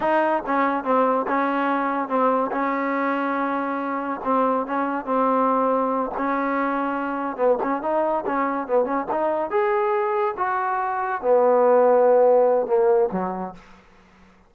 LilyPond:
\new Staff \with { instrumentName = "trombone" } { \time 4/4 \tempo 4 = 142 dis'4 cis'4 c'4 cis'4~ | cis'4 c'4 cis'2~ | cis'2 c'4 cis'4 | c'2~ c'8 cis'4.~ |
cis'4. b8 cis'8 dis'4 cis'8~ | cis'8 b8 cis'8 dis'4 gis'4.~ | gis'8 fis'2 b4.~ | b2 ais4 fis4 | }